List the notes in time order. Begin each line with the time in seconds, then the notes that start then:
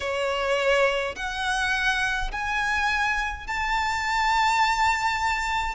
0.00 C#5
1.15 F#5
2.31 G#5
3.47 A5